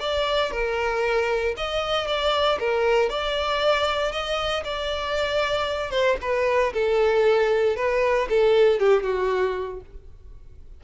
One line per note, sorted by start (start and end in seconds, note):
0.00 0.52 D5
0.52 1.55 A#4
1.57 2.07 D#5
2.07 2.59 D5
2.60 3.10 A#4
3.10 4.12 D5
4.12 4.64 D#5
4.64 5.91 D5
5.91 6.17 C5
6.21 6.73 B4
6.74 7.77 A4
7.77 8.28 B4
8.29 8.79 A4
8.79 9.03 G4
9.03 9.81 F#4